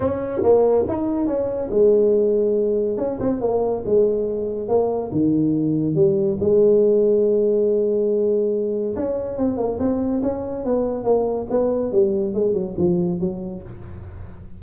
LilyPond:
\new Staff \with { instrumentName = "tuba" } { \time 4/4 \tempo 4 = 141 cis'4 ais4 dis'4 cis'4 | gis2. cis'8 c'8 | ais4 gis2 ais4 | dis2 g4 gis4~ |
gis1~ | gis4 cis'4 c'8 ais8 c'4 | cis'4 b4 ais4 b4 | g4 gis8 fis8 f4 fis4 | }